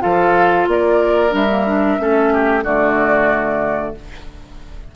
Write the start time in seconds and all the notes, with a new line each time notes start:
0.00 F3 F4 A4 F5
0.68 A#3 A#4 D5
1.30 G3 D4 E5
1.50 A#3
1.67 D4
1.99 A3 C#4 A4
2.33 G4
2.64 D3 A3 F#4 D5